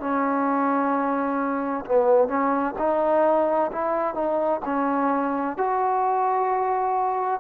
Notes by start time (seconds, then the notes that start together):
0.00 C#4
1.85 B3
2.28 C#4
2.78 D#4
3.72 E4
4.14 D#4
4.65 C#4
5.57 F#4